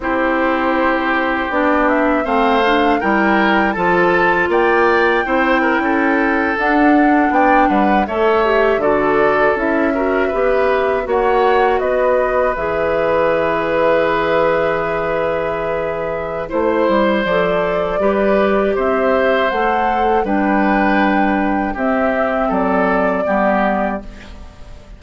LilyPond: <<
  \new Staff \with { instrumentName = "flute" } { \time 4/4 \tempo 4 = 80 c''2 d''8 e''8 f''4 | g''4 a''4 g''2~ | g''8. fis''4 g''8 fis''8 e''4 d''16~ | d''8. e''2 fis''4 dis''16~ |
dis''8. e''2.~ e''16~ | e''2 c''4 d''4~ | d''4 e''4 fis''4 g''4~ | g''4 e''4 d''2 | }
  \new Staff \with { instrumentName = "oboe" } { \time 4/4 g'2. c''4 | ais'4 a'4 d''4 c''8 ais'16 a'16~ | a'4.~ a'16 d''8 b'8 cis''4 a'16~ | a'4~ a'16 ais'8 b'4 cis''4 b'16~ |
b'1~ | b'2 c''2 | b'4 c''2 b'4~ | b'4 g'4 a'4 g'4 | }
  \new Staff \with { instrumentName = "clarinet" } { \time 4/4 e'2 d'4 c'8 d'8 | e'4 f'2 e'4~ | e'8. d'2 a'8 g'8 fis'16~ | fis'8. e'8 fis'8 g'4 fis'4~ fis'16~ |
fis'8. gis'2.~ gis'16~ | gis'2 e'4 a'4 | g'2 a'4 d'4~ | d'4 c'2 b4 | }
  \new Staff \with { instrumentName = "bassoon" } { \time 4/4 c'2 b4 a4 | g4 f4 ais4 c'8. cis'16~ | cis'8. d'4 b8 g8 a4 d16~ | d8. cis'4 b4 ais4 b16~ |
b8. e2.~ e16~ | e2 a8 g8 f4 | g4 c'4 a4 g4~ | g4 c'4 fis4 g4 | }
>>